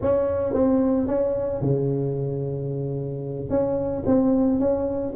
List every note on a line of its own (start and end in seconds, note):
0.01 0.53 C#4
0.53 1.07 C4
1.07 1.61 C#4
1.61 3.49 C#3
3.49 4.03 C#4
4.05 4.59 C4
4.59 5.13 C#4